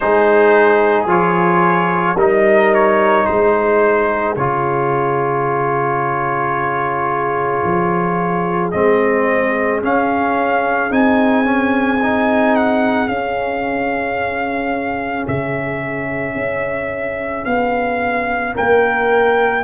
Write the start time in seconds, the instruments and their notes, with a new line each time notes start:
0.00 tuba G#3, trombone D#4, horn G#4, trumpet C5
1.06 tuba F3, trombone F4, trumpet C#5
2.15 tuba G3, trombone D#4, horn A#4, trumpet D#5
2.74 trumpet C#5
3.25 tuba G#3, horn G#4, trumpet C5
4.36 tuba C#3, trombone F4, trumpet C#5
7.64 tuba F3
8.71 tuba G#3, trombone C4, trumpet D#5
9.82 trombone C#4, tuba C#4, trumpet F5
10.90 tuba C4, trombone D#4, trumpet G#5
11.44 trombone C#4
12.02 trombone D#4
12.55 trumpet F#5
13.07 trombone C#4, tuba C#4, trumpet F5
15.27 tuba C#3, trumpet E5
16.35 tuba C#4
17.45 tuba B3, trumpet F5
18.54 tuba A#3, horn A#4, trumpet G5